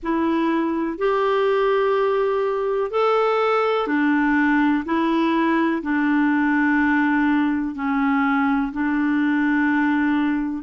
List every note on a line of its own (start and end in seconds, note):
0.02 0.98 E4
0.98 2.90 G4
2.90 3.87 A4
3.87 4.83 D4
4.85 5.82 E4
5.82 7.75 D4
7.75 8.72 C#4
8.72 10.63 D4